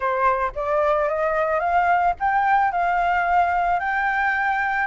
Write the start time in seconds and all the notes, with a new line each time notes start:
0.00 C5
0.55 D5
1.09 D#5
1.59 F5
2.19 G5
2.71 F5
3.79 G5